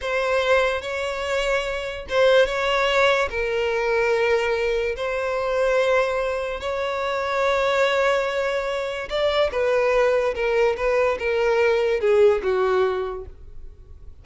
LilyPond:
\new Staff \with { instrumentName = "violin" } { \time 4/4 \tempo 4 = 145 c''2 cis''2~ | cis''4 c''4 cis''2 | ais'1 | c''1 |
cis''1~ | cis''2 d''4 b'4~ | b'4 ais'4 b'4 ais'4~ | ais'4 gis'4 fis'2 | }